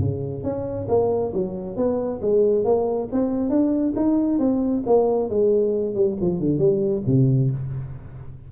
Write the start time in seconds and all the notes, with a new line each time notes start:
0.00 C#3
0.44 C#4
0.89 A#3
1.34 F#3
1.77 B3
2.22 G#3
2.65 A#3
3.13 C4
3.50 D4
3.96 D#4
4.39 C4
4.87 A#3
5.30 G#3
5.95 G3
6.21 F3
6.40 D3
6.59 G3
7.07 C3